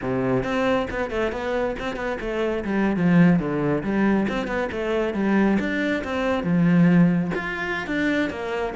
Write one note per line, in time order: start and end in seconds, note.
0.01 0.43 C3
0.43 0.87 C4
0.90 1.10 B3
1.10 1.32 A3
1.32 1.75 B3
1.79 1.95 C4
1.95 2.17 B3
2.20 2.64 A3
2.64 2.96 G3
2.96 3.39 F3
3.39 3.82 D3
3.83 4.27 G3
4.29 4.47 C4
4.47 4.69 B3
4.71 5.14 A3
5.14 5.57 G3
5.59 6.03 D4
6.04 6.43 C4
6.43 7.31 F3
7.34 7.86 F4
7.86 8.30 D4
8.30 8.74 A#3